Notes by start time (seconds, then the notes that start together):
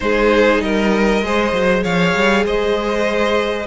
0.00 G#3 D#4 G#4 C5
0.61 G3 A#4 D#5
1.22 G#3 G#4 C5
1.53 F#3
1.83 F3 C#5 F5
2.15 G3
2.45 G#3 C5 D#5